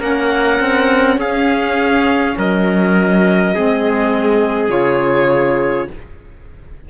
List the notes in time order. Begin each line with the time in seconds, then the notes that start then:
0.00 A#3 C#4 A#4 F#5
0.60 C4
1.18 C#4 G#4 F5
2.37 F#3 A#4 D#5
3.55 G#3 C4 G#4
4.70 C#3 F4 C#5